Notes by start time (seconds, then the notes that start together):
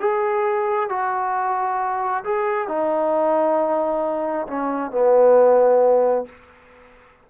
0.00 G#4
0.89 F#4
2.24 G#4
2.68 D#4
4.47 C#4
4.91 B3